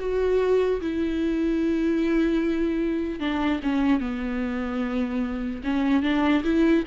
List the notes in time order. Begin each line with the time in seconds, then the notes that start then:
0.00 F#4
0.81 E4
3.20 D4
3.63 C#4
4.00 B3
5.64 C#4
6.03 D4
6.44 E4